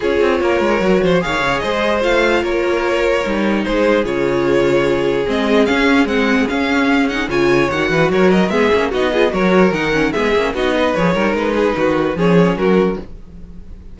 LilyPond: <<
  \new Staff \with { instrumentName = "violin" } { \time 4/4 \tempo 4 = 148 cis''2. f''4 | dis''4 f''4 cis''2~ | cis''4 c''4 cis''2~ | cis''4 dis''4 f''4 fis''4 |
f''4. fis''8 gis''4 fis''4 | cis''8 dis''8 e''4 dis''4 cis''4 | fis''4 e''4 dis''4 cis''4 | b'2 cis''4 ais'4 | }
  \new Staff \with { instrumentName = "violin" } { \time 4/4 gis'4 ais'4. c''8 cis''4 | c''2 ais'2~ | ais'4 gis'2.~ | gis'1~ |
gis'2 cis''4. b'8 | ais'4 gis'4 fis'8 gis'8 ais'4~ | ais'4 gis'4 fis'8 b'4 ais'8~ | ais'8 gis'8 fis'4 gis'4 fis'4 | }
  \new Staff \with { instrumentName = "viola" } { \time 4/4 f'2 fis'4 gis'4~ | gis'4 f'2. | dis'2 f'2~ | f'4 c'4 cis'4 c'4 |
cis'4. dis'8 f'4 fis'4~ | fis'4 b8 cis'8 dis'8 f'8 fis'4 | dis'8 cis'8 b8 cis'8 dis'4 gis'8 dis'8~ | dis'2 cis'2 | }
  \new Staff \with { instrumentName = "cello" } { \time 4/4 cis'8 c'8 ais8 gis8 fis8 f8 dis8 cis8 | gis4 a4 ais2 | g4 gis4 cis2~ | cis4 gis4 cis'4 gis4 |
cis'2 cis4 dis8 e8 | fis4 gis8 ais8 b4 fis4 | dis4 gis8 ais8 b4 f8 g8 | gis4 dis4 f4 fis4 | }
>>